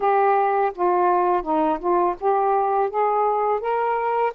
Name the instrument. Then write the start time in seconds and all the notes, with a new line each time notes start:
saxophone
0.00 G4
0.75 F4
1.42 D#4
1.79 F4
2.19 G4
2.89 G#4
3.60 A#4